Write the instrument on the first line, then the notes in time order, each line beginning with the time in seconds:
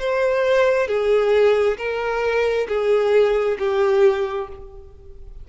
violin
0.00 C5
0.88 G#4
1.78 A#4
2.69 G#4
3.59 G4